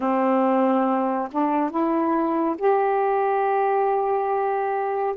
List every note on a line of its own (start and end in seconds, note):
0.00 1.29 C4
1.31 1.70 D4
1.70 2.56 E4
2.58 5.15 G4